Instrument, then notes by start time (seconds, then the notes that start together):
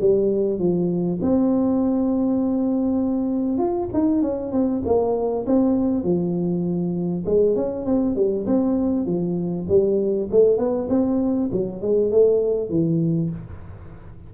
tuba
0.00 G3
0.59 F3
1.22 C4
3.58 F4
3.93 D#4
4.22 C#4
4.52 C4
4.85 A#3
5.47 C4
6.04 F3
7.26 G#3
7.56 C#4
7.86 C4
8.16 G3
8.47 C4
9.06 F3
9.69 G3
10.31 A3
10.58 B3
10.90 C4
11.52 F#3
11.82 G#3
12.11 A3
12.70 E3